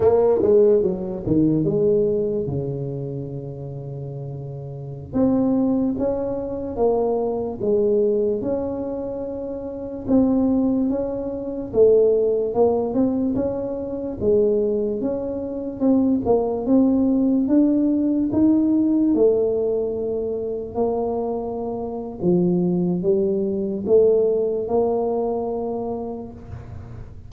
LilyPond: \new Staff \with { instrumentName = "tuba" } { \time 4/4 \tempo 4 = 73 ais8 gis8 fis8 dis8 gis4 cis4~ | cis2~ cis16 c'4 cis'8.~ | cis'16 ais4 gis4 cis'4.~ cis'16~ | cis'16 c'4 cis'4 a4 ais8 c'16~ |
c'16 cis'4 gis4 cis'4 c'8 ais16~ | ais16 c'4 d'4 dis'4 a8.~ | a4~ a16 ais4.~ ais16 f4 | g4 a4 ais2 | }